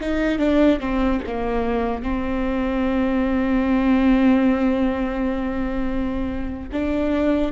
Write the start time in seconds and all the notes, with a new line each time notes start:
0.00 D#4
0.38 D4
0.80 C4
1.26 A#3
2.02 C4
6.72 D4